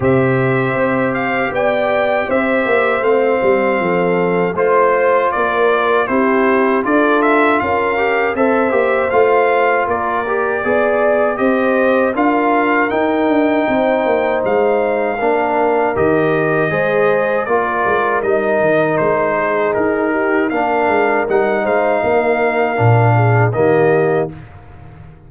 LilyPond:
<<
  \new Staff \with { instrumentName = "trumpet" } { \time 4/4 \tempo 4 = 79 e''4. f''8 g''4 e''4 | f''2 c''4 d''4 | c''4 d''8 e''8 f''4 e''4 | f''4 d''2 dis''4 |
f''4 g''2 f''4~ | f''4 dis''2 d''4 | dis''4 c''4 ais'4 f''4 | fis''8 f''2~ f''8 dis''4 | }
  \new Staff \with { instrumentName = "horn" } { \time 4/4 c''2 d''4 c''4~ | c''4 a'4 c''4 ais'4 | g'4 a'4 ais'4 c''4~ | c''4 ais'4 d''4 c''4 |
ais'2 c''2 | ais'2 c''4 ais'4~ | ais'4. gis'4 g'8 ais'4~ | ais'8 c''8 ais'4. gis'8 g'4 | }
  \new Staff \with { instrumentName = "trombone" } { \time 4/4 g'1 | c'2 f'2 | e'4 f'4. g'8 a'8 g'8 | f'4. g'8 gis'4 g'4 |
f'4 dis'2. | d'4 g'4 gis'4 f'4 | dis'2. d'4 | dis'2 d'4 ais4 | }
  \new Staff \with { instrumentName = "tuba" } { \time 4/4 c4 c'4 b4 c'8 ais8 | a8 g8 f4 a4 ais4 | c'4 d'4 cis'4 c'8 ais8 | a4 ais4 b4 c'4 |
d'4 dis'8 d'8 c'8 ais8 gis4 | ais4 dis4 gis4 ais8 gis8 | g8 dis8 gis4 dis'4 ais8 gis8 | g8 gis8 ais4 ais,4 dis4 | }
>>